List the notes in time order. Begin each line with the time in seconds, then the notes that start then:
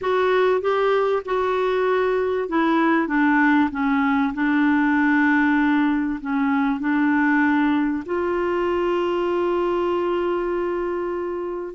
0.01 F#4
0.61 G4
1.25 F#4
2.49 E4
3.07 D4
3.71 C#4
4.34 D4
6.20 C#4
6.80 D4
8.05 F4